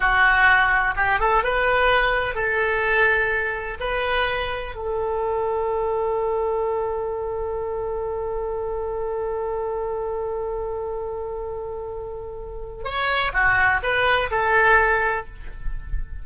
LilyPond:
\new Staff \with { instrumentName = "oboe" } { \time 4/4 \tempo 4 = 126 fis'2 g'8 a'8 b'4~ | b'4 a'2. | b'2 a'2~ | a'1~ |
a'1~ | a'1~ | a'2. cis''4 | fis'4 b'4 a'2 | }